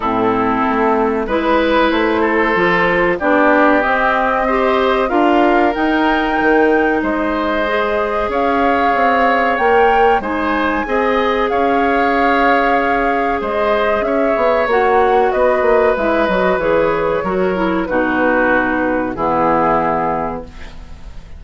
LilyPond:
<<
  \new Staff \with { instrumentName = "flute" } { \time 4/4 \tempo 4 = 94 a'2 b'4 c''4~ | c''4 d''4 dis''2 | f''4 g''2 dis''4~ | dis''4 f''2 g''4 |
gis''2 f''2~ | f''4 dis''4 e''4 fis''4 | dis''4 e''8 dis''8 cis''2 | b'2 gis'2 | }
  \new Staff \with { instrumentName = "oboe" } { \time 4/4 e'2 b'4. a'8~ | a'4 g'2 c''4 | ais'2. c''4~ | c''4 cis''2. |
c''4 dis''4 cis''2~ | cis''4 c''4 cis''2 | b'2. ais'4 | fis'2 e'2 | }
  \new Staff \with { instrumentName = "clarinet" } { \time 4/4 c'2 e'2 | f'4 d'4 c'4 g'4 | f'4 dis'2. | gis'2. ais'4 |
dis'4 gis'2.~ | gis'2. fis'4~ | fis'4 e'8 fis'8 gis'4 fis'8 e'8 | dis'2 b2 | }
  \new Staff \with { instrumentName = "bassoon" } { \time 4/4 a,4 a4 gis4 a4 | f4 b4 c'2 | d'4 dis'4 dis4 gis4~ | gis4 cis'4 c'4 ais4 |
gis4 c'4 cis'2~ | cis'4 gis4 cis'8 b8 ais4 | b8 ais8 gis8 fis8 e4 fis4 | b,2 e2 | }
>>